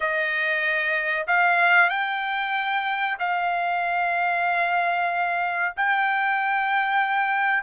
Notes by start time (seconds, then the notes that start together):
0.00 D#5
1.27 F5
1.89 G5
3.19 F5
5.76 G5